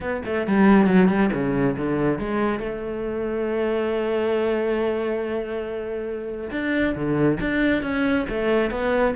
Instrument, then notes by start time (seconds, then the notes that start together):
cello
0.00 B3
0.25 A3
0.47 G3
0.86 F#3
1.08 G3
1.33 C#3
1.77 D3
2.19 G#3
2.59 A3
6.51 D4
6.95 D3
7.40 D4
7.82 C#4
8.29 A3
8.71 B3